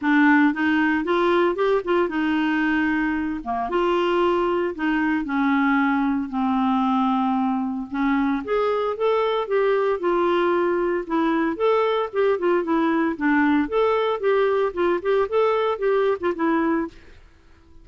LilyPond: \new Staff \with { instrumentName = "clarinet" } { \time 4/4 \tempo 4 = 114 d'4 dis'4 f'4 g'8 f'8 | dis'2~ dis'8 ais8 f'4~ | f'4 dis'4 cis'2 | c'2. cis'4 |
gis'4 a'4 g'4 f'4~ | f'4 e'4 a'4 g'8 f'8 | e'4 d'4 a'4 g'4 | f'8 g'8 a'4 g'8. f'16 e'4 | }